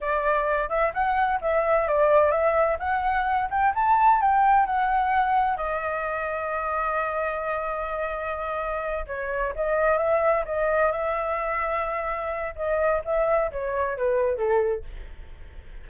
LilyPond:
\new Staff \with { instrumentName = "flute" } { \time 4/4 \tempo 4 = 129 d''4. e''8 fis''4 e''4 | d''4 e''4 fis''4. g''8 | a''4 g''4 fis''2 | dis''1~ |
dis''2.~ dis''8 cis''8~ | cis''8 dis''4 e''4 dis''4 e''8~ | e''2. dis''4 | e''4 cis''4 b'4 a'4 | }